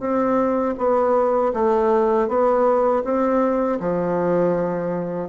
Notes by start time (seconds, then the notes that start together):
0.00 C4
0.78 B3
1.54 A3
2.28 B3
3.04 C4
3.80 F3